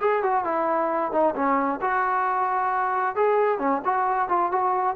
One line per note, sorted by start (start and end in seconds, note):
0.00 0.22 G#4
0.22 0.44 F#4
0.44 1.12 E4
1.12 1.34 D#4
1.35 1.80 C#4
1.81 3.15 F#4
3.15 3.59 G#4
3.59 3.81 C#4
3.84 4.29 F#4
4.29 4.51 F4
4.51 4.95 F#4